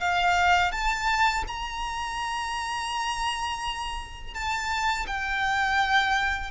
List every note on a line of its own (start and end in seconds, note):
0.00 0.72 F5
0.72 1.44 A5
1.47 4.34 A#5
4.34 5.06 A5
5.07 6.51 G5